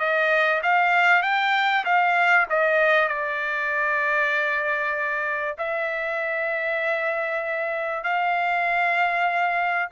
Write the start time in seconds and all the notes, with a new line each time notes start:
0.00 D#5
0.63 F5
1.23 G5
1.85 F5
2.50 D#5
3.09 D5
5.58 E5
8.04 F5